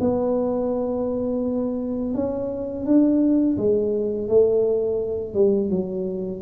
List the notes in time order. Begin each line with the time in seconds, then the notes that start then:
0.00 B3
2.14 C#4
2.85 D4
3.57 G#3
4.28 A3
5.34 G3
5.70 F#3